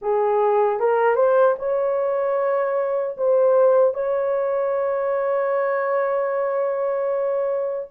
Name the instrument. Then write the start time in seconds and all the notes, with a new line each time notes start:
horn
0.01 G#4
0.79 A#4
1.15 C5
1.59 C#5
3.17 C5
3.93 C#5